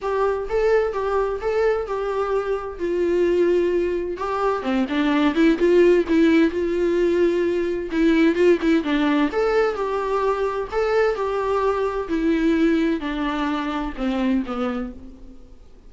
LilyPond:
\new Staff \with { instrumentName = "viola" } { \time 4/4 \tempo 4 = 129 g'4 a'4 g'4 a'4 | g'2 f'2~ | f'4 g'4 c'8 d'4 e'8 | f'4 e'4 f'2~ |
f'4 e'4 f'8 e'8 d'4 | a'4 g'2 a'4 | g'2 e'2 | d'2 c'4 b4 | }